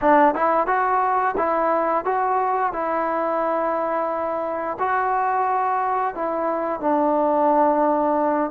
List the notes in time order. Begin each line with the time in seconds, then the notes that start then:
0.01 D4
0.34 E4
0.67 F#4
1.37 E4
2.05 F#4
2.73 E4
4.79 F#4
6.14 E4
6.80 D4